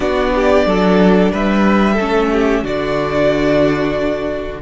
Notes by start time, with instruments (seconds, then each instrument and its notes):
0.00 cello B3, viola D4, violin F#4 D5
0.34 violin G4
0.66 cello F#3, violin A4
1.32 cello G3, violin B4 E5
1.93 violin A4
1.99 cello A3, viola C#4
2.31 violin G4
2.63 cello D3, viola D4, violin F#4 D5